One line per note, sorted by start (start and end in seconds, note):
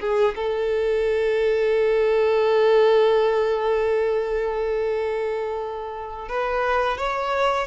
0.00 0.35 G#4
0.36 6.29 A4
6.29 6.98 B4
6.98 7.67 C#5